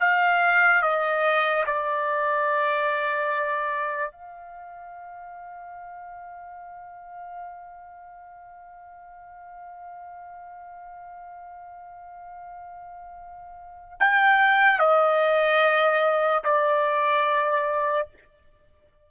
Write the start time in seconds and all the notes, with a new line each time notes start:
0.00 F5
0.82 D#5
1.66 D5
4.12 F5
14.00 G5
14.79 D#5
16.44 D5